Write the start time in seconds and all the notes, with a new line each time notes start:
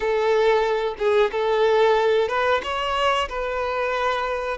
0.00 A4
0.98 G#4
1.31 A4
2.28 B4
2.63 C#5
3.28 B4